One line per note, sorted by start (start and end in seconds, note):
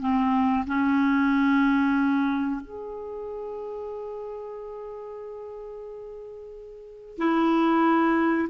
0.00 0.65 C4
0.67 2.61 C#4
2.61 7.17 G#4
7.18 8.48 E4